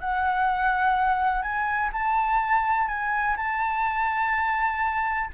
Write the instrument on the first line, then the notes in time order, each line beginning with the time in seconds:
flute
0.00 F#5
1.42 G#5
1.92 A5
2.88 G#5
3.37 A5